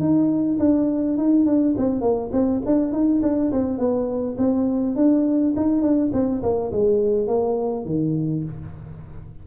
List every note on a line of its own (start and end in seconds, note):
0.00 0.58 D#4
0.59 1.17 D4
1.17 1.46 D#4
1.46 1.75 D4
1.77 2.01 C4
2.01 2.30 A#3
2.32 2.61 C4
2.66 2.92 D4
2.92 3.21 D#4
3.22 3.51 D4
3.52 3.78 C4
3.78 4.36 B3
4.38 4.96 C4
4.96 5.54 D4
5.56 5.82 D#4
5.82 6.11 D4
6.13 6.42 C4
6.42 6.71 A#3
6.72 7.27 G#3
7.27 7.85 A#3
7.85 8.44 D#3